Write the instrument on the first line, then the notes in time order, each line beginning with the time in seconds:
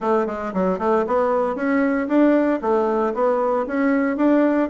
bassoon
0.00 A3
0.26 G#3
0.53 F#3
0.78 A3
1.06 B3
1.55 C#4
2.08 D4
2.61 A3
3.14 B3
3.66 C#4
4.16 D4